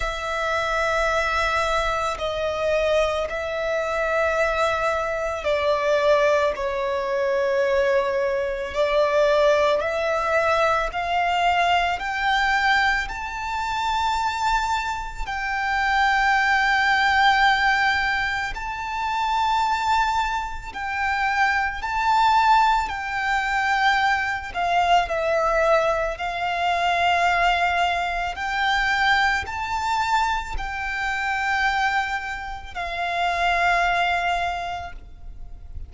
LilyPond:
\new Staff \with { instrumentName = "violin" } { \time 4/4 \tempo 4 = 55 e''2 dis''4 e''4~ | e''4 d''4 cis''2 | d''4 e''4 f''4 g''4 | a''2 g''2~ |
g''4 a''2 g''4 | a''4 g''4. f''8 e''4 | f''2 g''4 a''4 | g''2 f''2 | }